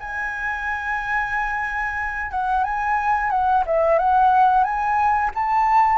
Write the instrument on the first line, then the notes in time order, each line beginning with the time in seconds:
flute
0.00 G#5
2.31 F#5
2.64 G#5
3.30 F#5
3.66 E5
3.98 F#5
4.64 G#5
5.35 A5